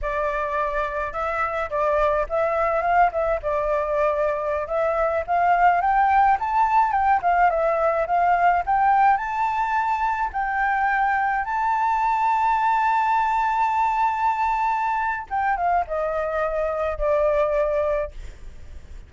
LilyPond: \new Staff \with { instrumentName = "flute" } { \time 4/4 \tempo 4 = 106 d''2 e''4 d''4 | e''4 f''8 e''8 d''2~ | d''16 e''4 f''4 g''4 a''8.~ | a''16 g''8 f''8 e''4 f''4 g''8.~ |
g''16 a''2 g''4.~ g''16~ | g''16 a''2.~ a''8.~ | a''2. g''8 f''8 | dis''2 d''2 | }